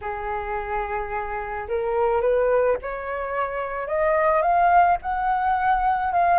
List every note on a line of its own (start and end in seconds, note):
0.01 1.67 G#4
1.68 2.21 A#4
2.21 2.77 B4
2.82 3.87 C#5
3.87 4.41 D#5
4.41 4.97 F5
5.02 6.13 F#5
6.13 6.39 F5